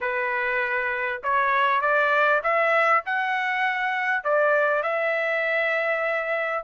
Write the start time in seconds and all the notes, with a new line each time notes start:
0.00 B4
1.23 C#5
1.81 D5
2.43 E5
3.05 F#5
4.24 D5
4.83 E5